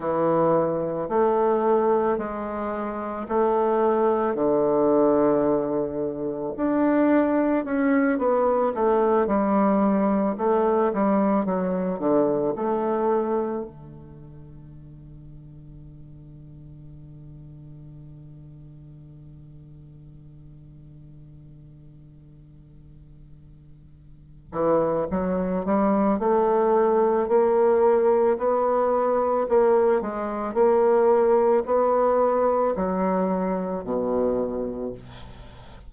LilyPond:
\new Staff \with { instrumentName = "bassoon" } { \time 4/4 \tempo 4 = 55 e4 a4 gis4 a4 | d2 d'4 cis'8 b8 | a8 g4 a8 g8 fis8 d8 a8~ | a8 d2.~ d8~ |
d1~ | d2~ d8 e8 fis8 g8 | a4 ais4 b4 ais8 gis8 | ais4 b4 fis4 b,4 | }